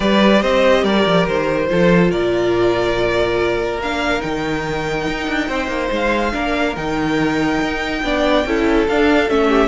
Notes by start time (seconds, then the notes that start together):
0.00 G3 G4 B4 D5
0.41 C4 C5 D#5
0.83 G3 A#4 D5
1.05 F3
1.27 D#3 C5
1.68 F3 F4 A4
2.10 A#2 A#4 D5
3.78 A#3 D4 F5
4.21 D#3 D#4 G5
5.07 D#4
5.27 D4
5.48 C4 C5
5.67 A#3
5.91 G#3 F5
6.32 A#3 D4 A#4
6.76 D#3 D#4 G5
7.61 D#4
8.02 B3 D4 D5
8.45 C#4 E4 A4
8.88 D4 F5
9.29 A3 C#4 E5
9.48 G4